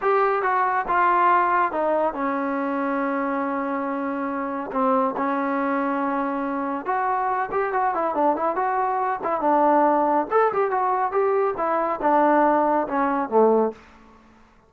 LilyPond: \new Staff \with { instrumentName = "trombone" } { \time 4/4 \tempo 4 = 140 g'4 fis'4 f'2 | dis'4 cis'2.~ | cis'2. c'4 | cis'1 |
fis'4. g'8 fis'8 e'8 d'8 e'8 | fis'4. e'8 d'2 | a'8 g'8 fis'4 g'4 e'4 | d'2 cis'4 a4 | }